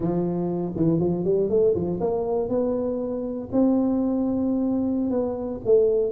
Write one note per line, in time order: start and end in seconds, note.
0.00 0.73 F3
0.75 0.99 E3
0.99 1.24 F3
1.24 1.49 G3
1.49 1.74 A3
1.74 1.99 F3
2.00 2.48 A#3
2.48 3.48 B3
3.52 5.10 C4
5.10 5.60 B3
5.65 6.11 A3